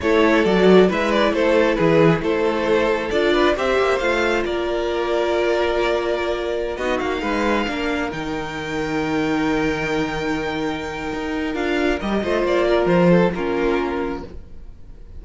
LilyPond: <<
  \new Staff \with { instrumentName = "violin" } { \time 4/4 \tempo 4 = 135 cis''4 d''4 e''8 d''8 c''4 | b'4 c''2 d''4 | e''4 f''4 d''2~ | d''2.~ d''16 dis''8 f''16~ |
f''2~ f''16 g''4.~ g''16~ | g''1~ | g''2 f''4 dis''4 | d''4 c''4 ais'2 | }
  \new Staff \with { instrumentName = "violin" } { \time 4/4 a'2 b'4 a'4 | gis'4 a'2~ a'8 b'8 | c''2 ais'2~ | ais'2.~ ais'16 fis'8.~ |
fis'16 b'4 ais'2~ ais'8.~ | ais'1~ | ais'2.~ ais'8 c''8~ | c''8 ais'4 a'8 f'2 | }
  \new Staff \with { instrumentName = "viola" } { \time 4/4 e'4 fis'4 e'2~ | e'2. f'4 | g'4 f'2.~ | f'2.~ f'16 dis'8.~ |
dis'4~ dis'16 d'4 dis'4.~ dis'16~ | dis'1~ | dis'2 f'4 g'8 f'8~ | f'2 cis'2 | }
  \new Staff \with { instrumentName = "cello" } { \time 4/4 a4 fis4 gis4 a4 | e4 a2 d'4 | c'8 ais8 a4 ais2~ | ais2.~ ais16 b8 ais16~ |
ais16 gis4 ais4 dis4.~ dis16~ | dis1~ | dis4 dis'4 d'4 g8 a8 | ais4 f4 ais2 | }
>>